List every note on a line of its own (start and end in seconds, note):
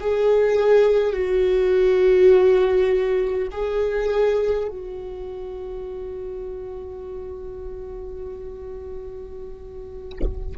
0.00 1.13 G#4
1.13 3.48 F#4
3.51 4.68 G#4
4.68 10.56 F#4